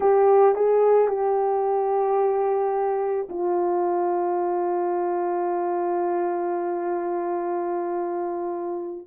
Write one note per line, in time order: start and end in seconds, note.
0.00 0.55 G4
0.55 1.07 G#4
1.07 3.28 G4
3.29 9.07 F4